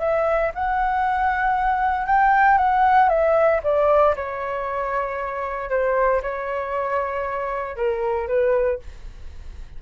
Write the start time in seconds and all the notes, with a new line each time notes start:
0.00 E5
0.55 F#5
2.07 G5
2.58 F#5
3.09 E5
3.64 D5
4.16 C#5
5.70 C5
6.23 C#5
7.77 A#4
8.28 B4